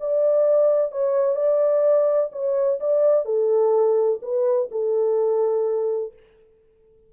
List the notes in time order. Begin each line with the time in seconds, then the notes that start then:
0.00 D5
0.92 C#5
1.36 D5
2.32 C#5
2.80 D5
3.25 A4
4.22 B4
4.71 A4